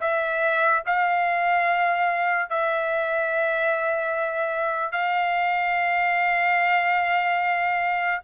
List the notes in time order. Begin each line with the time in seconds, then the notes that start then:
0.00 E5
0.86 F5
2.49 E5
4.92 F5